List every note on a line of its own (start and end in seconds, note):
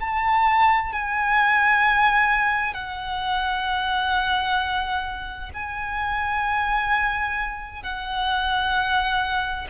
0.00 0.92 A5
0.93 2.74 G#5
2.74 5.50 F#5
5.53 7.83 G#5
7.83 9.68 F#5